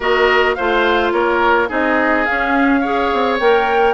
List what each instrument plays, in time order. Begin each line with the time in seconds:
0.00 bassoon A#3, clarinet F#4, oboe A#4, flute D#5
0.54 bassoon A3, clarinet F4, oboe C5, flute F5
1.12 bassoon A#3, oboe A#4, flute C#5
1.68 bassoon C4, clarinet D#4, oboe G#4, flute D#5
2.25 clarinet C#4, bassoon C#4, flute F5
2.80 clarinet G#4, oboe C#5
3.13 bassoon C4
3.39 bassoon A#3, clarinet A#4, flute G5